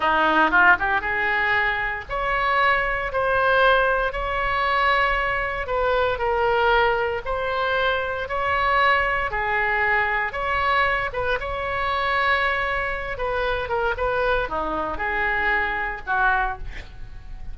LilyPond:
\new Staff \with { instrumentName = "oboe" } { \time 4/4 \tempo 4 = 116 dis'4 f'8 g'8 gis'2 | cis''2 c''2 | cis''2. b'4 | ais'2 c''2 |
cis''2 gis'2 | cis''4. b'8 cis''2~ | cis''4. b'4 ais'8 b'4 | dis'4 gis'2 fis'4 | }